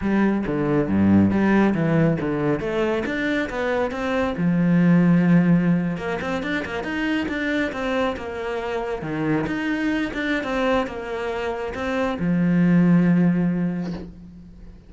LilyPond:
\new Staff \with { instrumentName = "cello" } { \time 4/4 \tempo 4 = 138 g4 d4 g,4 g4 | e4 d4 a4 d'4 | b4 c'4 f2~ | f4.~ f16 ais8 c'8 d'8 ais8 dis'16~ |
dis'8. d'4 c'4 ais4~ ais16~ | ais8. dis4 dis'4. d'8. | c'4 ais2 c'4 | f1 | }